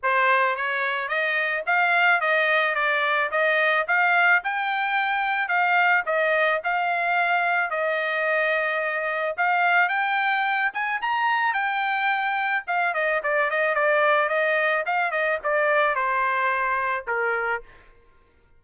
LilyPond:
\new Staff \with { instrumentName = "trumpet" } { \time 4/4 \tempo 4 = 109 c''4 cis''4 dis''4 f''4 | dis''4 d''4 dis''4 f''4 | g''2 f''4 dis''4 | f''2 dis''2~ |
dis''4 f''4 g''4. gis''8 | ais''4 g''2 f''8 dis''8 | d''8 dis''8 d''4 dis''4 f''8 dis''8 | d''4 c''2 ais'4 | }